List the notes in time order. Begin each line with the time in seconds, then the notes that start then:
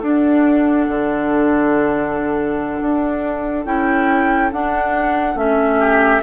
0.00 D4 A4 F#5
0.88 D3
2.82 D4
3.66 C#4 E4 G5
4.52 D4 F#5
5.35 A3 C#4 E5
5.79 G4